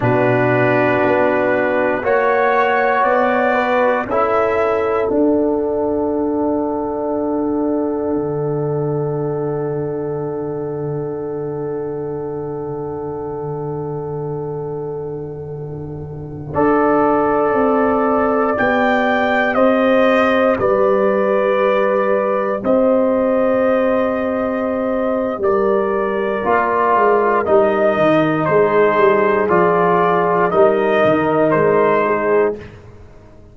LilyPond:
<<
  \new Staff \with { instrumentName = "trumpet" } { \time 4/4 \tempo 4 = 59 b'2 cis''4 d''4 | e''4 fis''2.~ | fis''1~ | fis''1~ |
fis''2~ fis''16 g''4 dis''8.~ | dis''16 d''2 dis''4.~ dis''16~ | dis''4 d''2 dis''4 | c''4 d''4 dis''4 c''4 | }
  \new Staff \with { instrumentName = "horn" } { \time 4/4 fis'2 cis''4. b'8 | a'1~ | a'1~ | a'1~ |
a'16 d''2. c''8.~ | c''16 b'2 c''4.~ c''16~ | c''4 ais'2. | gis'2 ais'4. gis'8 | }
  \new Staff \with { instrumentName = "trombone" } { \time 4/4 d'2 fis'2 | e'4 d'2.~ | d'1~ | d'1~ |
d'16 a'2 g'4.~ g'16~ | g'1~ | g'2 f'4 dis'4~ | dis'4 f'4 dis'2 | }
  \new Staff \with { instrumentName = "tuba" } { \time 4/4 b,4 b4 ais4 b4 | cis'4 d'2. | d1~ | d1~ |
d16 d'4 c'4 b4 c'8.~ | c'16 g2 c'4.~ c'16~ | c'4 g4 ais8 gis8 g8 dis8 | gis8 g8 f4 g8 dis8 gis4 | }
>>